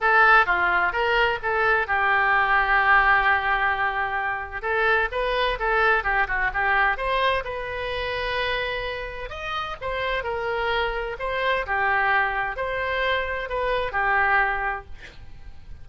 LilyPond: \new Staff \with { instrumentName = "oboe" } { \time 4/4 \tempo 4 = 129 a'4 f'4 ais'4 a'4 | g'1~ | g'2 a'4 b'4 | a'4 g'8 fis'8 g'4 c''4 |
b'1 | dis''4 c''4 ais'2 | c''4 g'2 c''4~ | c''4 b'4 g'2 | }